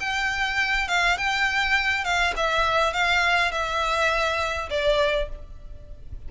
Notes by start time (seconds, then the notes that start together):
0.00 G5
0.88 F5
1.18 G5
2.05 F5
2.36 E5
2.93 F5
3.52 E5
4.70 D5